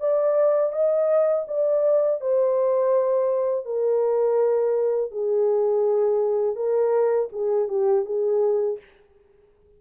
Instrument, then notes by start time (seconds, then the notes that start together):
horn
0.00 D5
0.72 D#5
1.47 D5
2.21 C5
3.65 A#4
5.11 G#4
6.56 A#4
7.32 G#4
7.68 G4
8.05 G#4